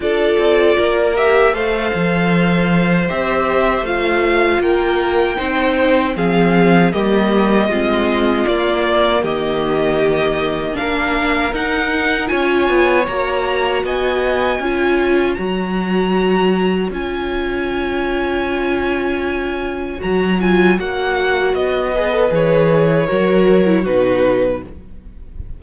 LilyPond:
<<
  \new Staff \with { instrumentName = "violin" } { \time 4/4 \tempo 4 = 78 d''4. e''8 f''2 | e''4 f''4 g''2 | f''4 dis''2 d''4 | dis''2 f''4 fis''4 |
gis''4 ais''4 gis''2 | ais''2 gis''2~ | gis''2 ais''8 gis''8 fis''4 | dis''4 cis''2 b'4 | }
  \new Staff \with { instrumentName = "violin" } { \time 4/4 a'4 ais'4 c''2~ | c''2 ais'4 c''4 | gis'4 g'4 f'2 | g'2 ais'2 |
cis''2 dis''4 cis''4~ | cis''1~ | cis''1~ | cis''8 b'4. ais'4 fis'4 | }
  \new Staff \with { instrumentName = "viola" } { \time 4/4 f'4. g'8 a'2 | g'4 f'2 dis'4 | c'4 ais4 c'4 ais4~ | ais2 d'4 dis'4 |
f'4 fis'2 f'4 | fis'2 f'2~ | f'2 fis'8 f'8 fis'4~ | fis'8 gis'16 a'16 gis'4 fis'8. e'16 dis'4 | }
  \new Staff \with { instrumentName = "cello" } { \time 4/4 d'8 c'8 ais4 a8 f4. | c'4 a4 ais4 c'4 | f4 g4 gis4 ais4 | dis2 ais4 dis'4 |
cis'8 b8 ais4 b4 cis'4 | fis2 cis'2~ | cis'2 fis4 ais4 | b4 e4 fis4 b,4 | }
>>